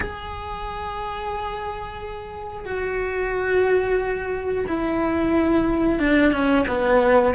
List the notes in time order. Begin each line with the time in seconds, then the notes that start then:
0.00 G#4
2.65 F#4
4.67 E4
5.99 D4
6.32 C#4
6.68 B3